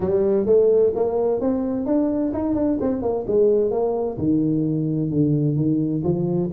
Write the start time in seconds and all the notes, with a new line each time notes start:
0.00 G3
0.46 A3
0.95 A#3
1.40 C4
1.86 D4
2.33 D#4
2.55 D4
2.80 C4
3.02 A#3
3.27 G#3
3.71 A#3
4.17 D#3
5.10 D3
5.56 D#3
6.03 F3